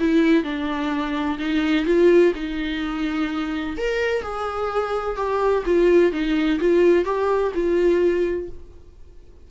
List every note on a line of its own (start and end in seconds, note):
0.00 0.44 E4
0.44 1.39 D4
1.39 1.86 D#4
1.86 2.33 F4
2.35 3.77 D#4
3.78 4.22 A#4
4.22 5.17 G#4
5.17 5.64 G4
5.66 6.12 F4
6.12 6.60 D#4
6.60 7.05 F4
7.05 7.52 G4
7.55 8.49 F4